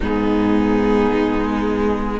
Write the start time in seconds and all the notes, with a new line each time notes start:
0.00 G#2 B3 D#4 G#4
1.11 G#3